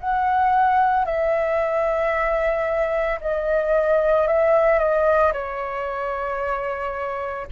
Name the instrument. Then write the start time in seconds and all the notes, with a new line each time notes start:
flute
0.00 F#5
1.05 E5
3.21 D#5
4.27 E5
4.79 D#5
5.33 C#5